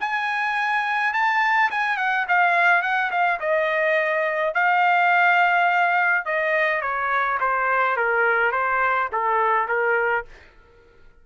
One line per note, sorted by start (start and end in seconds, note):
0.00 1.13 G#5
1.13 1.70 A5
1.71 1.97 G#5
1.97 2.26 F#5
2.28 2.82 F5
2.82 3.11 F#5
3.11 3.39 F5
3.40 4.54 D#5
4.54 6.25 F5
6.25 6.81 D#5
6.81 7.38 C#5
7.40 7.97 C5
7.97 8.52 A#4
8.52 9.09 C5
9.12 9.68 A4
9.68 10.25 A#4